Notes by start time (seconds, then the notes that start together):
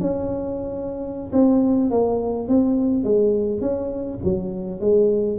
0.00 C#4
1.32 C4
1.91 A#3
2.48 C4
3.03 G#3
3.61 C#4
4.24 F#3
4.80 G#3